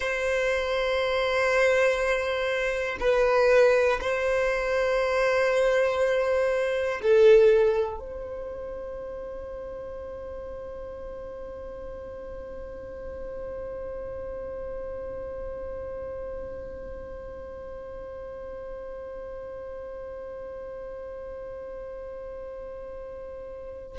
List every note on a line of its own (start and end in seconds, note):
0.00 2.97 C5
3.00 4.00 B4
4.00 7.00 C5
7.01 7.99 A4
7.99 23.98 C5